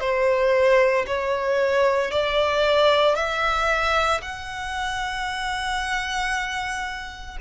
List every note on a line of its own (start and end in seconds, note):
0.00 1.05 C5
1.07 2.11 C#5
2.11 3.15 D5
3.15 4.21 E5
4.22 7.37 F#5